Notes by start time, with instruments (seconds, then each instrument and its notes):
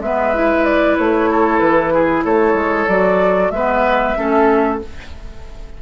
0.00 bassoon G#3, clarinet B3, oboe B4, flute E5
0.35 clarinet E4
0.65 flute D5
0.98 bassoon A3, flute C#5
1.31 oboe A4
1.60 bassoon E3, flute B4
1.94 oboe G#4
2.25 bassoon A3, oboe A4, flute C#5
2.54 bassoon G#3
2.88 bassoon F#3, clarinet F#4, flute D5
3.51 bassoon G#3, clarinet B3, oboe B4, flute E5
4.17 bassoon A3, clarinet C#4, oboe A4